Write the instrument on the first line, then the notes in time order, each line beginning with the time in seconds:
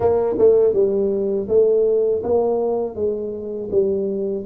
tuba
0.00 A#3
0.38 A3
0.73 G3
1.48 A3
2.23 A#3
2.95 G#3
3.71 G3